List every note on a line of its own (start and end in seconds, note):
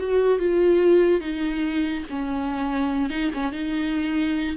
0.00 0.39 F#4
0.39 1.21 F4
1.21 2.05 D#4
2.10 3.10 C#4
3.10 3.31 D#4
3.34 3.53 C#4
3.53 4.57 D#4